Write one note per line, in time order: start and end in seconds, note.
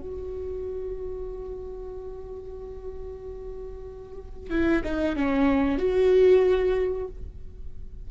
0.00 4.50 F#4
4.50 4.83 E4
4.84 5.16 D#4
5.16 5.78 C#4
5.78 7.07 F#4